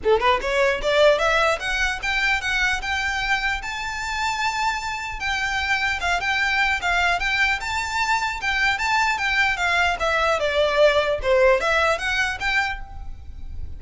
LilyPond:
\new Staff \with { instrumentName = "violin" } { \time 4/4 \tempo 4 = 150 a'8 b'8 cis''4 d''4 e''4 | fis''4 g''4 fis''4 g''4~ | g''4 a''2.~ | a''4 g''2 f''8 g''8~ |
g''4 f''4 g''4 a''4~ | a''4 g''4 a''4 g''4 | f''4 e''4 d''2 | c''4 e''4 fis''4 g''4 | }